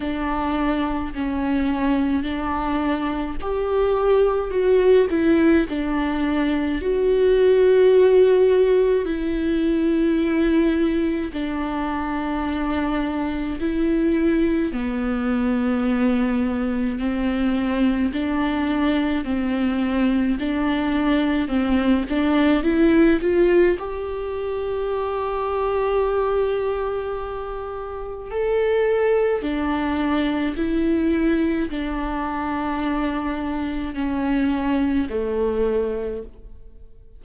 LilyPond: \new Staff \with { instrumentName = "viola" } { \time 4/4 \tempo 4 = 53 d'4 cis'4 d'4 g'4 | fis'8 e'8 d'4 fis'2 | e'2 d'2 | e'4 b2 c'4 |
d'4 c'4 d'4 c'8 d'8 | e'8 f'8 g'2.~ | g'4 a'4 d'4 e'4 | d'2 cis'4 a4 | }